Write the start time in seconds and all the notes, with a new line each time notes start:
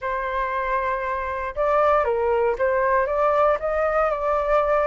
0.01 C5
1.55 D5
2.04 A#4
2.58 C5
3.06 D5
3.59 D#5
4.10 D5